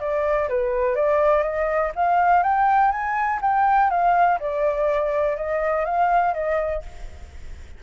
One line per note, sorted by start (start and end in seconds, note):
0.00 0.49 D5
0.49 0.96 B4
0.96 1.43 D5
1.43 1.92 D#5
1.96 2.43 F5
2.43 2.92 G5
2.92 3.40 G#5
3.42 3.90 G5
3.91 4.39 F5
4.40 5.37 D5
5.37 5.85 D#5
5.85 6.34 F5
6.34 6.83 D#5